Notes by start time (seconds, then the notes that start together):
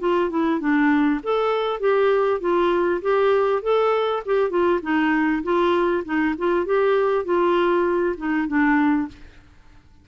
0.00 F4
0.30 E4
0.60 D4
1.23 A4
1.80 G4
2.40 F4
3.02 G4
3.63 A4
4.26 G4
4.50 F4
4.82 D#4
5.43 F4
6.05 D#4
6.38 F4
6.66 G4
7.25 F4
8.18 D#4
8.48 D4